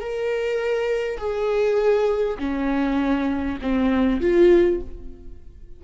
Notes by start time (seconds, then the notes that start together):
0.00 A#4
1.17 G#4
2.38 C#4
3.61 C4
4.21 F4